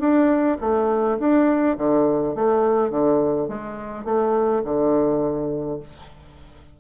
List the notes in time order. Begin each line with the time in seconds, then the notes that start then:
0.00 D4
0.61 A3
1.20 D4
1.78 D3
2.35 A3
2.91 D3
3.49 G#3
4.05 A3
4.64 D3